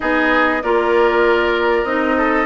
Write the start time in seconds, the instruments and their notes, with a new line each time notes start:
0.00 bassoon B3, clarinet D#4, oboe G#4, flute D#5
0.62 bassoon A#3, clarinet F4, oboe A#4, flute D5
1.84 bassoon C4, clarinet D#4, flute D#5
2.17 oboe A4